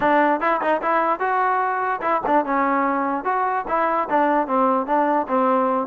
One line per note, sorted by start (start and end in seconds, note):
0.00 0.40 D4
0.40 0.60 E4
0.61 0.81 D#4
0.82 1.19 E4
1.19 2.00 F#4
2.01 2.21 E4
2.26 2.45 D4
2.45 3.24 C#4
3.24 3.65 F#4
3.68 4.08 E4
4.09 4.47 D4
4.47 4.86 C4
4.86 5.26 D4
5.28 5.87 C4